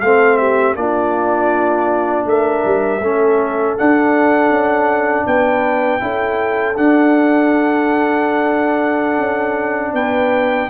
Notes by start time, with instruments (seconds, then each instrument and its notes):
0.00 tuba A3, trombone C4, horn A4, trumpet F5
0.37 horn G4, trumpet E5
0.76 tuba A#3, trombone D4, horn F4, trumpet D5
2.25 tuba A3, horn A#4, trumpet E5
2.65 tuba G3
3.00 tuba A3, trombone C#4, horn A4
3.77 trombone D4, tuba D4, trumpet F#5
4.50 tuba C#4
5.26 tuba B3, horn B4, trumpet G5
6.00 tuba C#4, trombone E4, horn A4
6.76 tuba D4, trombone D4, trumpet F#5
9.18 tuba C#4
9.93 tuba B3, horn B4, trumpet G5